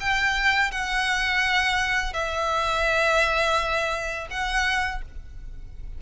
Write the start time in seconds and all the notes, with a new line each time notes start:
0.00 G5
0.71 F#5
2.13 E5
4.30 F#5